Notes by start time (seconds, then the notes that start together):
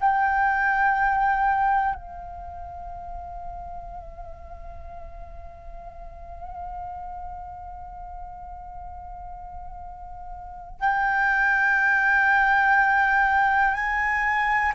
0.00 G5
1.95 F5
10.81 G5
13.74 G#5